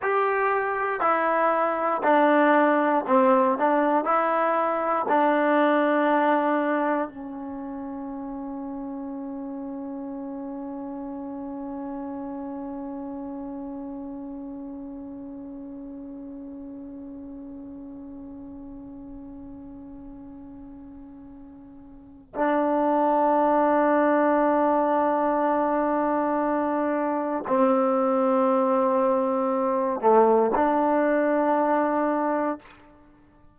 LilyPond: \new Staff \with { instrumentName = "trombone" } { \time 4/4 \tempo 4 = 59 g'4 e'4 d'4 c'8 d'8 | e'4 d'2 cis'4~ | cis'1~ | cis'1~ |
cis'1~ | cis'2 d'2~ | d'2. c'4~ | c'4. a8 d'2 | }